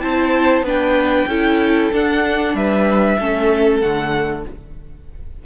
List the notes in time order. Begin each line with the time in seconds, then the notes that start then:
0.00 C4 E4 C5 A5
0.61 B3 D4 B4
0.68 G5
1.27 C#4 E4 A4
1.92 D4 F#5
2.54 G3 B4 E5
3.19 A3 C#4 A4
3.80 D3 A3 F#5